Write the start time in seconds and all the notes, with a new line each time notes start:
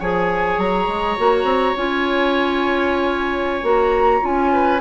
0.00 F3 G#4 C#5 G#5
0.58 F#3 A#5
0.88 G#3
1.18 A#3 F#4
1.44 C4
1.77 C#4 F4 G#5
3.63 A#3 F#4 A#5
4.21 C#4 F4 G#5
4.53 B4